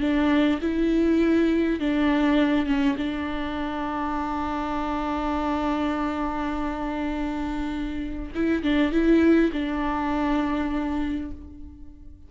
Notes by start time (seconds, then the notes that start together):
0.00 D4
0.61 E4
1.80 D4
2.66 C#4
2.98 D4
8.34 E4
8.63 D4
8.92 E4
9.53 D4